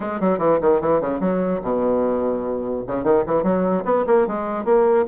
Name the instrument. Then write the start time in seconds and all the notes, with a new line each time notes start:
bassoon
0.00 G#3
0.20 F#3
0.38 E3
0.61 D#3
0.80 E3
1.01 C#3
1.19 F#3
1.62 B2
2.87 C#3
3.03 D#3
3.26 E3
3.43 F#3
3.84 B3
4.07 A#3
4.27 G#3
4.65 A#3